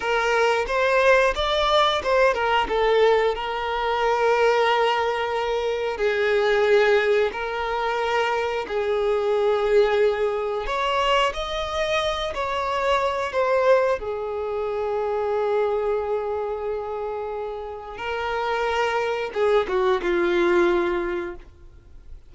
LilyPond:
\new Staff \with { instrumentName = "violin" } { \time 4/4 \tempo 4 = 90 ais'4 c''4 d''4 c''8 ais'8 | a'4 ais'2.~ | ais'4 gis'2 ais'4~ | ais'4 gis'2. |
cis''4 dis''4. cis''4. | c''4 gis'2.~ | gis'2. ais'4~ | ais'4 gis'8 fis'8 f'2 | }